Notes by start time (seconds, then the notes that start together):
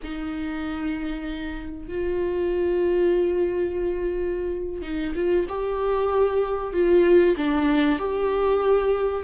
0.03 D#4
1.88 F4
4.82 D#4
5.15 F4
5.48 G4
6.73 F4
7.37 D4
7.98 G4